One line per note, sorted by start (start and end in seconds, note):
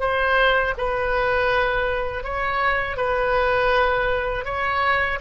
0.00 0.74 C5
0.78 2.24 B4
2.24 2.97 C#5
2.97 4.45 B4
4.45 5.19 C#5